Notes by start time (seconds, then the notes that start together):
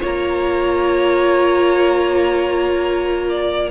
0.00 A#3 F4 C#5 A#5
3.29 D5